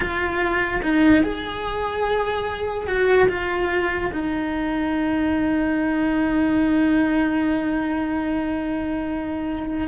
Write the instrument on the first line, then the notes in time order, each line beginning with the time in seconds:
cello
0.00 F4
0.82 D#4
1.23 G#4
2.87 F#4
3.28 F4
4.12 D#4